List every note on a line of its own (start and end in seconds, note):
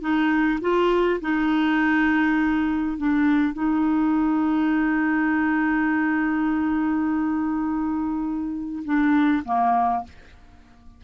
0.00 0.59 D#4
0.61 1.20 F4
1.21 2.97 D#4
2.97 3.53 D4
3.53 8.83 D#4
8.84 9.43 D4
9.45 10.03 A#3